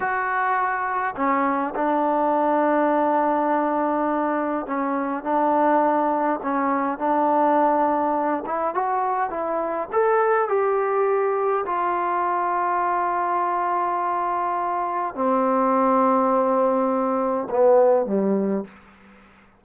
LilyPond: \new Staff \with { instrumentName = "trombone" } { \time 4/4 \tempo 4 = 103 fis'2 cis'4 d'4~ | d'1 | cis'4 d'2 cis'4 | d'2~ d'8 e'8 fis'4 |
e'4 a'4 g'2 | f'1~ | f'2 c'2~ | c'2 b4 g4 | }